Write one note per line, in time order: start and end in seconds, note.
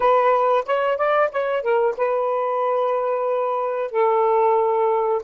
0.00 0.64 B4
0.65 0.97 C#5
0.97 1.29 D5
1.31 1.62 C#5
1.62 1.94 A#4
1.97 3.91 B4
3.91 5.21 A4